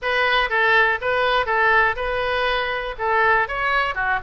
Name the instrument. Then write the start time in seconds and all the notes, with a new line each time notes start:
oboe
0.01 B4
0.49 A4
1.01 B4
1.46 A4
1.95 B4
2.98 A4
3.48 C#5
3.94 F#4